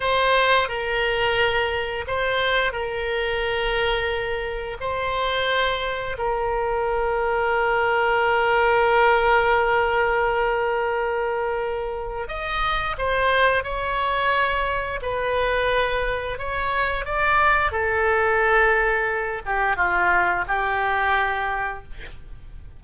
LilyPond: \new Staff \with { instrumentName = "oboe" } { \time 4/4 \tempo 4 = 88 c''4 ais'2 c''4 | ais'2. c''4~ | c''4 ais'2.~ | ais'1~ |
ais'2 dis''4 c''4 | cis''2 b'2 | cis''4 d''4 a'2~ | a'8 g'8 f'4 g'2 | }